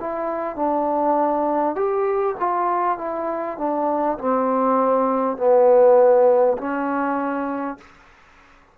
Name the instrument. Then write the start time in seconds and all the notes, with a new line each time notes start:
trombone
0.00 E4
0.56 D4
1.75 G4
2.39 F4
2.97 E4
3.58 D4
4.18 C4
5.37 B3
6.57 C#4